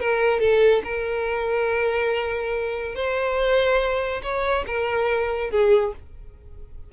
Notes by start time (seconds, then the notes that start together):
0.00 A#4
0.40 A4
0.84 A#4
2.95 C5
4.23 C#5
4.67 A#4
5.51 G#4